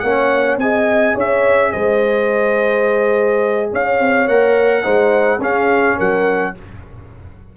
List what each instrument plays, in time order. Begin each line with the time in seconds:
0.00 tuba A#3, trombone C#4, horn C#5, trumpet F#5
0.57 tuba C4, trombone G#4, horn D#5, trumpet G#5
1.15 tuba C#4, horn C#5, trumpet E5
1.72 tuba G#3, horn C5, trumpet D#5
3.73 tuba C#4, horn C#5, trumpet F5
4.00 tuba C4
4.28 tuba A#3, trombone A#4, trumpet F#5
4.83 tuba G#3, trombone D#4, horn C5
5.39 tuba C#4, trombone C#4, horn G#4, trumpet F5
5.97 tuba F#3, horn A#4, trumpet F#5